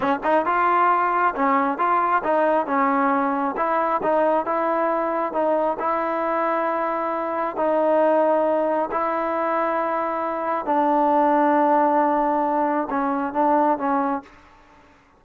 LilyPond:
\new Staff \with { instrumentName = "trombone" } { \time 4/4 \tempo 4 = 135 cis'8 dis'8 f'2 cis'4 | f'4 dis'4 cis'2 | e'4 dis'4 e'2 | dis'4 e'2.~ |
e'4 dis'2. | e'1 | d'1~ | d'4 cis'4 d'4 cis'4 | }